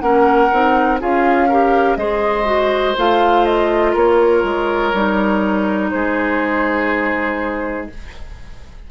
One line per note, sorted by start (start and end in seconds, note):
0.00 0.50 A#3
0.00 0.50 C#4
0.00 1.01 A#4
0.00 0.98 F#5
0.52 1.01 C4
0.52 0.99 D#4
0.99 1.97 C#4
0.99 1.49 F4
0.99 1.49 G#4
0.99 1.97 F5
1.49 1.99 G4
1.49 1.98 A#4
1.97 2.95 G#3
1.97 2.45 G#4
1.97 3.93 C5
1.97 2.95 D#5
2.45 2.94 F#4
2.97 3.95 A3
2.97 4.93 F4
2.97 3.45 F5
3.45 3.94 D#5
3.93 4.43 A#3
3.93 5.90 A#4
3.93 5.90 C#5
4.43 4.93 G#3
4.93 5.92 G3
4.93 7.90 D#4
5.90 7.91 G#3
5.90 7.91 G#4
5.90 7.87 C5